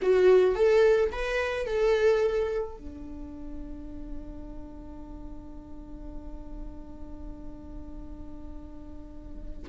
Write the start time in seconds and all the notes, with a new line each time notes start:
0.02 F#4
0.55 A4
1.12 B4
1.66 A4
2.77 D4